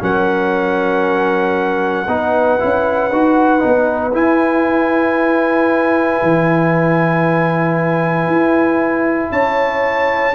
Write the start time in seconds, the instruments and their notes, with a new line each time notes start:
0.00 tuba F#3, trombone C#4, horn A#4, trumpet F#5
2.08 tuba B3, trombone D#4, horn B4
2.59 tuba C#4, trombone E4
3.12 tuba D#4, trombone F#4
3.60 tuba B3, trombone D#4
4.13 trombone E4, tuba E4, trumpet G#5
6.23 tuba E3
8.27 tuba E4
9.31 tuba C#4, horn C#5, trumpet A5